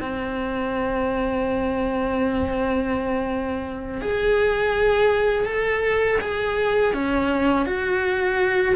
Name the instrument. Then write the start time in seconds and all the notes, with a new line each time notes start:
cello
0.00 C4
4.01 G#4
5.45 A4
6.21 G#4
6.93 C#4
7.66 F#4